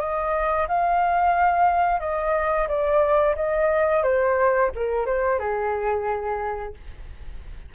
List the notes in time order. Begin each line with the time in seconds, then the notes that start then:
0.00 D#5
0.68 F5
2.00 D#5
2.68 D5
3.36 D#5
4.04 C5
4.76 A#4
5.07 C5
5.40 G#4